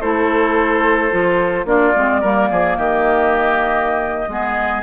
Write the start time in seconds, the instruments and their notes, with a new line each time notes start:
0.00 bassoon A3, clarinet E4, oboe A4, flute C5
1.11 bassoon F3, clarinet F4
1.65 bassoon A#3, clarinet D4, oboe F4, flute D5
1.96 bassoon G#3, clarinet C4
2.21 bassoon G3, clarinet A#3, oboe A#4
2.50 bassoon F3, oboe G#4
2.77 bassoon D#3, oboe G4, flute D#5
4.28 bassoon G#3, clarinet B3, oboe G#4